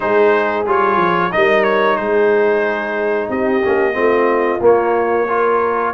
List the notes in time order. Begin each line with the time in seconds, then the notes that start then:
0.00 G#3 D#4 G#4 C5
0.66 G3 F4 C#5
0.97 F3
1.31 G3 D#4 A#4 D#5
1.63 C#5
1.96 G#3 G#4 C5
3.29 C4 G4 D#5
3.65 A#3 C#4
3.93 A3 C4 F4
4.61 A#3 C#5
5.27 F4 A#4